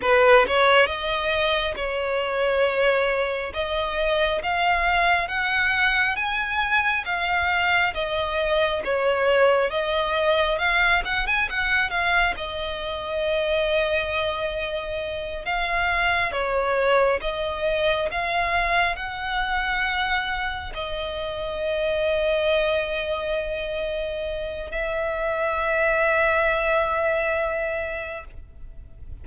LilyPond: \new Staff \with { instrumentName = "violin" } { \time 4/4 \tempo 4 = 68 b'8 cis''8 dis''4 cis''2 | dis''4 f''4 fis''4 gis''4 | f''4 dis''4 cis''4 dis''4 | f''8 fis''16 gis''16 fis''8 f''8 dis''2~ |
dis''4. f''4 cis''4 dis''8~ | dis''8 f''4 fis''2 dis''8~ | dis''1 | e''1 | }